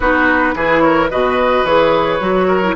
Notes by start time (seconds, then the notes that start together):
0.00 B3 D#4 F#4 B4
0.55 E3 E4 G#4
0.80 A#4 C#5
1.10 B2 F#4 B4 D#5
1.64 E3 G#4 C#5
2.20 F#3 F#4
2.47 A#4
2.63 E4